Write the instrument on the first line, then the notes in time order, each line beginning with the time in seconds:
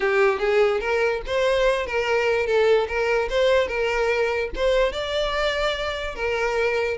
violin
0.00 G4
0.39 G#4
0.80 A#4
1.26 C5
1.86 A#4
2.46 A4
2.87 A#4
3.29 C5
3.67 A#4
4.55 C5
4.92 D5
6.15 A#4